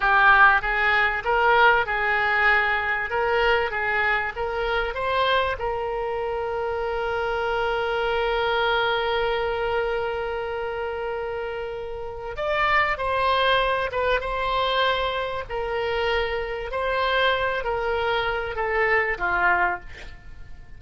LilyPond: \new Staff \with { instrumentName = "oboe" } { \time 4/4 \tempo 4 = 97 g'4 gis'4 ais'4 gis'4~ | gis'4 ais'4 gis'4 ais'4 | c''4 ais'2.~ | ais'1~ |
ais'1 | d''4 c''4. b'8 c''4~ | c''4 ais'2 c''4~ | c''8 ais'4. a'4 f'4 | }